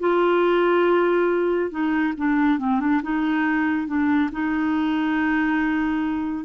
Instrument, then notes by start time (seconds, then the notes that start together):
clarinet
0.00 F4
1.71 D#4
2.17 D4
2.59 C4
2.80 D4
3.03 D#4
3.87 D4
4.32 D#4